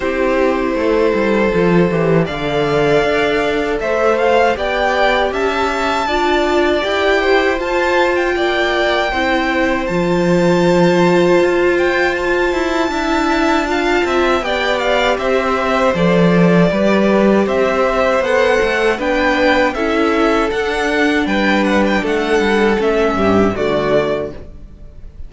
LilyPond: <<
  \new Staff \with { instrumentName = "violin" } { \time 4/4 \tempo 4 = 79 c''2. f''4~ | f''4 e''8 f''8 g''4 a''4~ | a''4 g''4 a''8. g''4~ g''16~ | g''4 a''2~ a''8 g''8 |
a''2. g''8 f''8 | e''4 d''2 e''4 | fis''4 g''4 e''4 fis''4 | g''8 fis''16 g''16 fis''4 e''4 d''4 | }
  \new Staff \with { instrumentName = "violin" } { \time 4/4 g'4 a'2 d''4~ | d''4 c''4 d''4 e''4 | d''4. c''4. d''4 | c''1~ |
c''4 e''4 f''8 e''8 d''4 | c''2 b'4 c''4~ | c''4 b'4 a'2 | b'4 a'4. g'8 fis'4 | }
  \new Staff \with { instrumentName = "viola" } { \time 4/4 e'2 f'8 g'8 a'4~ | a'2 g'2 | f'4 g'4 f'2 | e'4 f'2.~ |
f'4 e'4 f'4 g'4~ | g'4 a'4 g'2 | a'4 d'4 e'4 d'4~ | d'2 cis'4 a4 | }
  \new Staff \with { instrumentName = "cello" } { \time 4/4 c'4 a8 g8 f8 e8 d4 | d'4 a4 b4 cis'4 | d'4 e'4 f'4 ais4 | c'4 f2 f'4~ |
f'8 e'8 d'4. c'8 b4 | c'4 f4 g4 c'4 | b8 a8 b4 cis'4 d'4 | g4 a8 g8 a8 g,8 d4 | }
>>